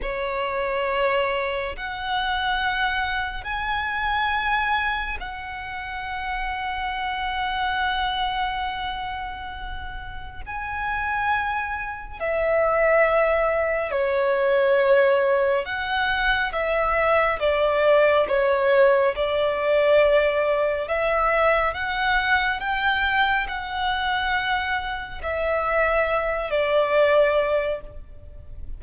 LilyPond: \new Staff \with { instrumentName = "violin" } { \time 4/4 \tempo 4 = 69 cis''2 fis''2 | gis''2 fis''2~ | fis''1 | gis''2 e''2 |
cis''2 fis''4 e''4 | d''4 cis''4 d''2 | e''4 fis''4 g''4 fis''4~ | fis''4 e''4. d''4. | }